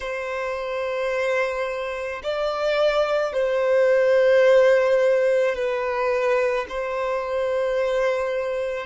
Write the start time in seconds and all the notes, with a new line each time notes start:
0.00 C5
2.23 D5
3.32 C5
5.55 B4
6.68 C5